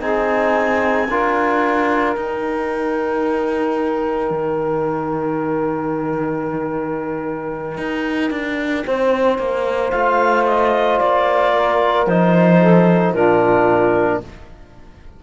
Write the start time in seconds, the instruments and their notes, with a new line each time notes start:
0.00 cello C4, trombone D#4, saxophone G#4, clarinet G#5
1.08 cello D4, trombone F4, saxophone A#4
2.14 trombone D#4, cello D#4, clarinet G5
4.30 cello D#3
7.78 cello D#4
8.30 cello D4
8.86 cello C4, saxophone C5
9.38 cello A#3
9.90 cello A3, trombone F4, clarinet F5
10.46 clarinet D#5
10.99 cello A#3, clarinet D5
11.54 saxophone A#4
12.06 cello F3, trombone D#4, clarinet C5
12.60 saxophone A4
13.13 cello A#2, trombone D4, saxophone F4, clarinet A#4